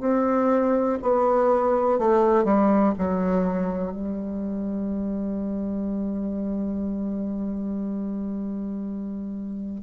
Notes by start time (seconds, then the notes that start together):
0.00 C4
1.02 B3
1.98 A3
2.44 G3
2.98 F#3
3.92 G3